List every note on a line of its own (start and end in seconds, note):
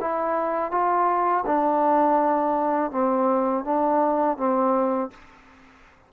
0.00 0.71 E4
0.71 1.44 F4
1.46 2.91 D4
2.91 3.64 C4
3.64 4.37 D4
4.37 5.10 C4